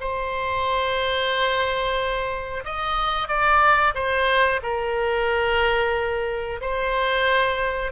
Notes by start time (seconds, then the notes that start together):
0.00 C5
2.64 D#5
3.28 D5
3.94 C5
4.62 A#4
6.61 C5